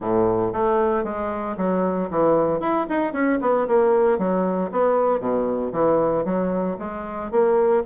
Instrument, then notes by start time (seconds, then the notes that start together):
bassoon
0.00 A2
0.52 A3
1.04 G#3
1.57 F#3
2.10 E3
2.60 E4
2.89 D#4
3.12 C#4
3.41 B3
3.67 A#3
4.18 F#3
4.71 B3
5.20 B2
5.72 E3
6.24 F#3
6.78 G#3
7.31 A#3